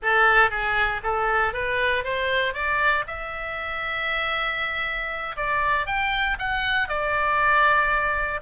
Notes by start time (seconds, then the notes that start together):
0.02 A4
0.50 G#4
1.03 A4
1.53 B4
2.04 C5
2.53 D5
3.07 E5
5.36 D5
5.86 G5
6.38 F#5
6.88 D5